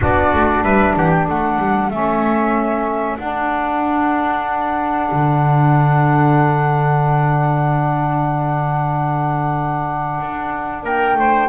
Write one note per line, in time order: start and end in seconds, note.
0.00 0.33 B3
0.00 1.90 D4
0.00 0.63 F#4
0.00 0.63 D5
0.33 0.62 A3
0.62 0.93 G3
0.62 0.95 B4
0.62 0.95 E5
0.96 1.28 E3
0.96 1.27 G4
0.96 1.11 F#5
1.11 1.26 G5
1.27 1.58 A3
1.27 10.84 A4
1.27 1.90 F#5
1.58 1.90 G3
1.90 3.18 A3
1.90 3.18 C#4
1.90 3.18 E5
3.18 11.48 D4
3.18 5.10 D4
3.18 10.84 F#5
5.11 10.20 D3
10.20 10.83 D4
10.83 11.15 A#3
10.83 11.16 A#4
10.83 11.48 G5
11.15 11.47 A3
11.15 11.48 C5